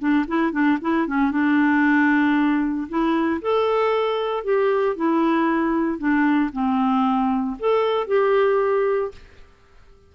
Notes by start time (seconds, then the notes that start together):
0.00 D4
0.28 E4
0.52 D4
0.82 E4
1.07 C#4
1.32 D4
2.89 E4
3.42 A4
4.44 G4
4.97 E4
5.99 D4
6.53 C4
7.60 A4
8.08 G4